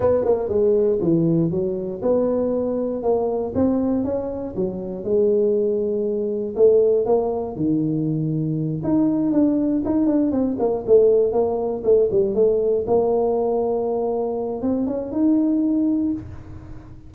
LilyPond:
\new Staff \with { instrumentName = "tuba" } { \time 4/4 \tempo 4 = 119 b8 ais8 gis4 e4 fis4 | b2 ais4 c'4 | cis'4 fis4 gis2~ | gis4 a4 ais4 dis4~ |
dis4. dis'4 d'4 dis'8 | d'8 c'8 ais8 a4 ais4 a8 | g8 a4 ais2~ ais8~ | ais4 c'8 cis'8 dis'2 | }